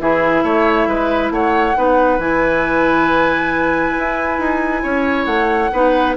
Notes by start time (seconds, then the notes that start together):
0.00 E3 E4 G#4 E5
0.43 A3 C#5
0.87 G#3 B4
1.30 A3 C#5 F#5
1.76 B3 D#4 B4
2.19 E3 E4 G#5
3.99 E4
4.39 D#4
4.83 C#4 C#5
5.25 A3 F#5
5.73 B3 D#4 B4